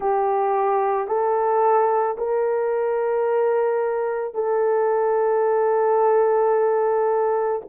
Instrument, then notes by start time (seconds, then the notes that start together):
horn
0.00 G4
1.07 A4
2.17 A#4
4.34 A4